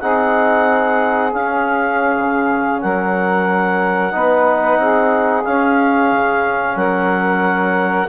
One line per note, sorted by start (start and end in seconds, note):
0.00 1.33 C4
0.00 1.31 D#4
0.00 2.81 G#4
0.00 1.32 F#5
1.31 4.12 C#4
1.31 2.16 C#4
1.31 2.81 F5
2.17 2.83 C#3
2.81 4.13 F#3
2.81 4.13 A#4
2.81 5.44 F#5
4.12 4.77 B3
4.12 5.44 D#4
4.12 4.79 B4
4.77 5.43 C4
4.77 6.76 G#4
5.44 8.08 C#4
5.44 6.12 C#4
5.44 6.76 F5
6.12 6.76 C#3
6.76 8.07 F#3
6.76 8.08 A#4
6.76 8.08 F#5